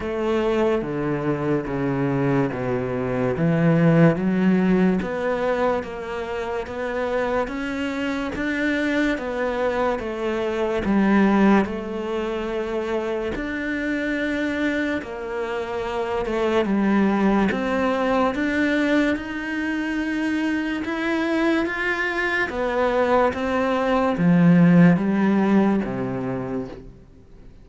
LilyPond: \new Staff \with { instrumentName = "cello" } { \time 4/4 \tempo 4 = 72 a4 d4 cis4 b,4 | e4 fis4 b4 ais4 | b4 cis'4 d'4 b4 | a4 g4 a2 |
d'2 ais4. a8 | g4 c'4 d'4 dis'4~ | dis'4 e'4 f'4 b4 | c'4 f4 g4 c4 | }